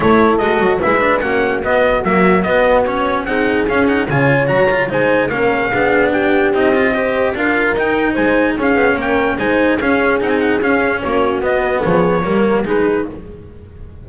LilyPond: <<
  \new Staff \with { instrumentName = "trumpet" } { \time 4/4 \tempo 4 = 147 cis''4 dis''4 e''4 fis''4 | dis''4 e''4 dis''4 cis''4 | fis''4 f''8 fis''8 gis''4 ais''4 | gis''4 f''2 g''4 |
dis''2 f''4 g''4 | gis''4 f''4 g''4 gis''4 | f''4 fis''16 gis''16 fis''8 f''4 cis''4 | dis''4 cis''2 b'4 | }
  \new Staff \with { instrumentName = "horn" } { \time 4/4 a'2 b'4 fis'4~ | fis'1 | gis'2 cis''2 | c''4 ais'4 gis'4 g'4~ |
g'4 c''4 ais'2 | c''4 gis'4 ais'4 c''4 | gis'2. fis'4~ | fis'4 gis'4 ais'4 gis'4 | }
  \new Staff \with { instrumentName = "cello" } { \time 4/4 e'4 fis'4 e'8 d'8 cis'4 | b4 fis4 b4 cis'4 | dis'4 cis'8 dis'8 f'4 fis'8 f'8 | dis'4 cis'4 d'2 |
dis'8 f'8 g'4 f'4 dis'4~ | dis'4 cis'2 dis'4 | cis'4 dis'4 cis'2 | b2 ais4 dis'4 | }
  \new Staff \with { instrumentName = "double bass" } { \time 4/4 a4 gis8 fis8 gis4 ais4 | b4 ais4 b2 | c'4 cis'4 cis4 fis4 | gis4 ais4 b2 |
c'2 d'4 dis'4 | gis4 cis'8 b8 ais4 gis4 | cis'4 c'4 cis'4 ais4 | b4 f4 g4 gis4 | }
>>